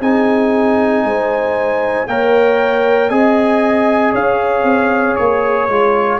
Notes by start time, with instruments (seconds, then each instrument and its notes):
0.00 tuba C4, trombone D#4, horn G#4, trumpet G#5
1.04 tuba G#3, horn C5
2.07 tuba A#3, trombone A#4, horn C#5, trumpet G5
3.09 tuba C4, trombone G#4, horn D#5, trumpet G#5
4.12 tuba C#4, horn C#5, trumpet F5
4.63 tuba C4
5.15 tuba A#3, trumpet C#5
5.68 tuba G#3, trombone F4